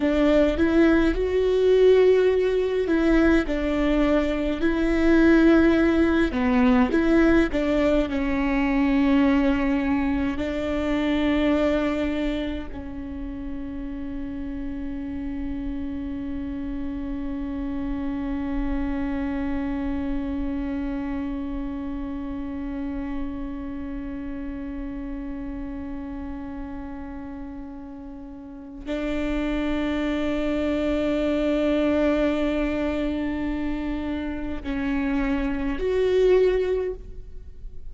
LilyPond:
\new Staff \with { instrumentName = "viola" } { \time 4/4 \tempo 4 = 52 d'8 e'8 fis'4. e'8 d'4 | e'4. b8 e'8 d'8 cis'4~ | cis'4 d'2 cis'4~ | cis'1~ |
cis'1~ | cis'1~ | cis'4 d'2.~ | d'2 cis'4 fis'4 | }